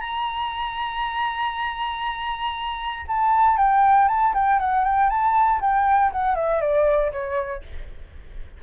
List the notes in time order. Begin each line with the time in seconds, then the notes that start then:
0.00 A#5
3.07 A5
3.57 G5
4.08 A5
4.34 G5
4.59 F#5
4.84 G5
5.09 A5
5.60 G5
6.12 F#5
6.35 E5
6.61 D5
7.12 C#5